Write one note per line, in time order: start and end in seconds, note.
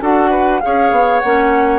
0.00 0.61 D4
0.00 0.60 F#4
0.00 0.30 A4
0.00 0.60 F#5
0.30 0.60 B4
0.60 0.91 C#4
0.60 1.22 G#4
0.60 1.78 C#5
0.60 1.19 F5
0.91 1.21 B3
1.19 1.78 A#3
1.19 1.78 C#4
1.19 1.78 F#5